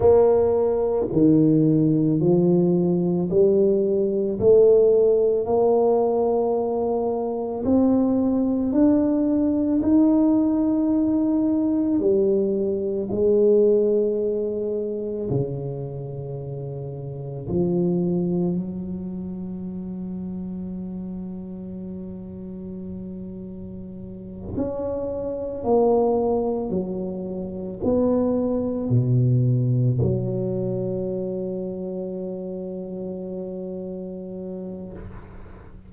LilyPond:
\new Staff \with { instrumentName = "tuba" } { \time 4/4 \tempo 4 = 55 ais4 dis4 f4 g4 | a4 ais2 c'4 | d'4 dis'2 g4 | gis2 cis2 |
f4 fis2.~ | fis2~ fis8 cis'4 ais8~ | ais8 fis4 b4 b,4 fis8~ | fis1 | }